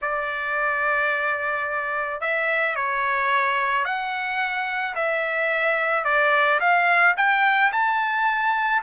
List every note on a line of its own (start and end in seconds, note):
0.01 2.20 D5
2.20 2.75 E5
2.75 3.84 C#5
3.84 4.94 F#5
4.95 6.04 E5
6.04 6.59 D5
6.60 7.15 F5
7.17 7.72 G5
7.72 8.82 A5